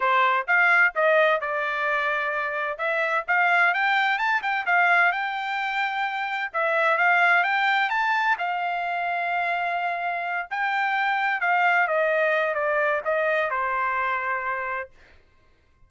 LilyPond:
\new Staff \with { instrumentName = "trumpet" } { \time 4/4 \tempo 4 = 129 c''4 f''4 dis''4 d''4~ | d''2 e''4 f''4 | g''4 a''8 g''8 f''4 g''4~ | g''2 e''4 f''4 |
g''4 a''4 f''2~ | f''2~ f''8 g''4.~ | g''8 f''4 dis''4. d''4 | dis''4 c''2. | }